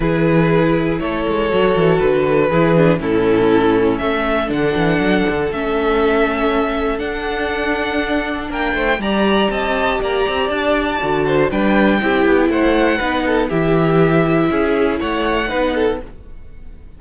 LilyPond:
<<
  \new Staff \with { instrumentName = "violin" } { \time 4/4 \tempo 4 = 120 b'2 cis''2 | b'2 a'2 | e''4 fis''2 e''4~ | e''2 fis''2~ |
fis''4 g''4 ais''4 a''4 | ais''4 a''2 g''4~ | g''4 fis''2 e''4~ | e''2 fis''2 | }
  \new Staff \with { instrumentName = "violin" } { \time 4/4 gis'2 a'2~ | a'4 gis'4 e'2 | a'1~ | a'1~ |
a'4 ais'8 c''8 d''4 dis''4 | d''2~ d''8 c''8 b'4 | g'4 c''4 b'8 a'8 g'4~ | g'4 gis'4 cis''4 b'8 a'8 | }
  \new Staff \with { instrumentName = "viola" } { \time 4/4 e'2. fis'4~ | fis'4 e'8 d'8 cis'2~ | cis'4 d'2 cis'4~ | cis'2 d'2~ |
d'2 g'2~ | g'2 fis'4 d'4 | e'2 dis'4 e'4~ | e'2. dis'4 | }
  \new Staff \with { instrumentName = "cello" } { \time 4/4 e2 a8 gis8 fis8 e8 | d4 e4 a,2 | a4 d8 e8 fis8 d8 a4~ | a2 d'2~ |
d'4 ais8 a8 g4 c'4 | ais8 c'8 d'4 d4 g4 | c'8 b8 a4 b4 e4~ | e4 cis'4 a4 b4 | }
>>